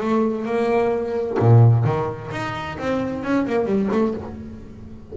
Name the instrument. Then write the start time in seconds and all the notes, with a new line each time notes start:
double bass
0.00 A3
0.45 A#3
1.39 A#2
1.84 D#3
2.31 D#4
2.78 C4
3.23 C#4
3.46 A#3
3.65 G3
3.91 A3